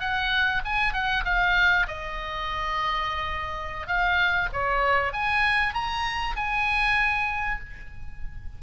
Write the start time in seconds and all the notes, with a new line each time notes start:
0.00 F#5
0.65 G#5
0.93 F#5
1.25 F5
1.88 D#5
3.87 F5
4.53 C#5
5.13 G#5
5.74 A#5
6.36 G#5